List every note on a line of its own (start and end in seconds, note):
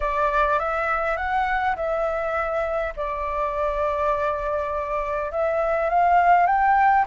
0.00 0.59 D5
0.59 1.16 E5
1.16 1.75 F#5
1.76 2.93 E5
2.96 5.31 D5
5.31 5.89 E5
5.89 6.46 F5
6.46 7.05 G5